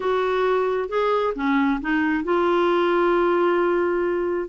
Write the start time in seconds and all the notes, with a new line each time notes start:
0.00 F#4
0.88 G#4
1.35 C#4
1.81 D#4
2.24 F4